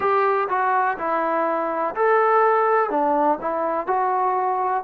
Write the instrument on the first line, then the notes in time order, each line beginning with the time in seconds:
trombone
0.00 G4
0.48 F#4
0.98 E4
1.95 A4
2.89 D4
3.40 E4
3.87 F#4